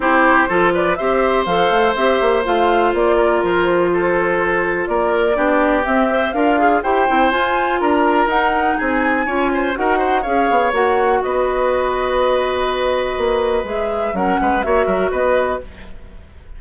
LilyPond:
<<
  \new Staff \with { instrumentName = "flute" } { \time 4/4 \tempo 4 = 123 c''4. d''8 e''4 f''4 | e''4 f''4 d''4 c''4~ | c''2 d''2 | e''4 f''4 g''4 gis''4 |
ais''4 fis''4 gis''2 | fis''4 f''4 fis''4 dis''4~ | dis''1 | e''4 fis''4 e''4 dis''4 | }
  \new Staff \with { instrumentName = "oboe" } { \time 4/4 g'4 a'8 b'8 c''2~ | c''2~ c''8 ais'4. | a'2 ais'4 g'4~ | g'4 f'4 c''2 |
ais'2 gis'4 cis''8 c''8 | ais'8 c''8 cis''2 b'4~ | b'1~ | b'4 ais'8 b'8 cis''8 ais'8 b'4 | }
  \new Staff \with { instrumentName = "clarinet" } { \time 4/4 e'4 f'4 g'4 a'4 | g'4 f'2.~ | f'2. d'4 | c'8 c''8 ais'8 gis'8 g'8 e'8 f'4~ |
f'4 dis'2 f'4 | fis'4 gis'4 fis'2~ | fis'1 | gis'4 cis'4 fis'2 | }
  \new Staff \with { instrumentName = "bassoon" } { \time 4/4 c'4 f4 c'4 f8 a8 | c'8 ais8 a4 ais4 f4~ | f2 ais4 b4 | c'4 d'4 e'8 c'8 f'4 |
d'4 dis'4 c'4 cis'4 | dis'4 cis'8 b8 ais4 b4~ | b2. ais4 | gis4 fis8 gis8 ais8 fis8 b4 | }
>>